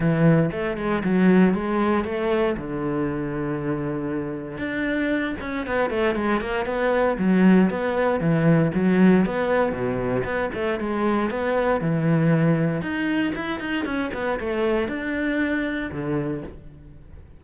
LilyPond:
\new Staff \with { instrumentName = "cello" } { \time 4/4 \tempo 4 = 117 e4 a8 gis8 fis4 gis4 | a4 d2.~ | d4 d'4. cis'8 b8 a8 | gis8 ais8 b4 fis4 b4 |
e4 fis4 b4 b,4 | b8 a8 gis4 b4 e4~ | e4 dis'4 e'8 dis'8 cis'8 b8 | a4 d'2 d4 | }